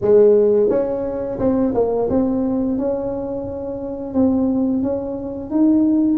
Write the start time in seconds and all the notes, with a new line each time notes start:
0.01 G#3
0.69 C#4
1.39 C4
1.74 A#3
2.09 C4
2.77 C#4
4.14 C4
4.82 C#4
5.50 D#4